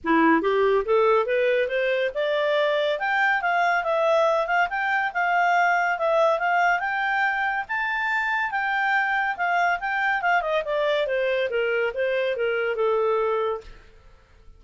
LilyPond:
\new Staff \with { instrumentName = "clarinet" } { \time 4/4 \tempo 4 = 141 e'4 g'4 a'4 b'4 | c''4 d''2 g''4 | f''4 e''4. f''8 g''4 | f''2 e''4 f''4 |
g''2 a''2 | g''2 f''4 g''4 | f''8 dis''8 d''4 c''4 ais'4 | c''4 ais'4 a'2 | }